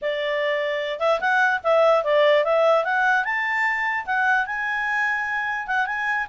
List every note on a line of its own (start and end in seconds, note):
0.01 0.99 D5
0.99 1.19 E5
1.20 1.61 F#5
1.63 2.03 E5
2.03 2.44 D5
2.44 2.84 E5
2.84 3.24 F#5
3.24 4.05 A5
4.05 4.46 F#5
4.46 5.67 G#5
5.67 5.86 F#5
5.86 6.26 G#5